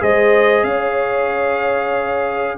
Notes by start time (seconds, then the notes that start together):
0.00 G#3 G#4 C5 D#5
0.64 C#4 C#5 F5